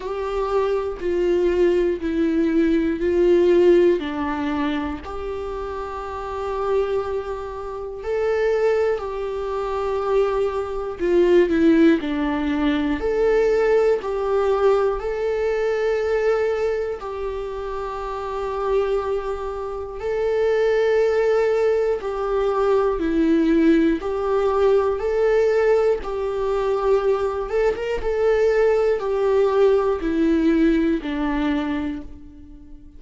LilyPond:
\new Staff \with { instrumentName = "viola" } { \time 4/4 \tempo 4 = 60 g'4 f'4 e'4 f'4 | d'4 g'2. | a'4 g'2 f'8 e'8 | d'4 a'4 g'4 a'4~ |
a'4 g'2. | a'2 g'4 e'4 | g'4 a'4 g'4. a'16 ais'16 | a'4 g'4 e'4 d'4 | }